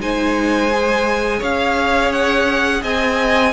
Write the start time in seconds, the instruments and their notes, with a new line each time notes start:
0.00 cello G#3, viola D#4, violin C5 G#5
0.72 viola G#4
1.39 cello C#4, violin C#5 F5
2.12 violin F#5
2.82 cello C4, violin D#5 G#5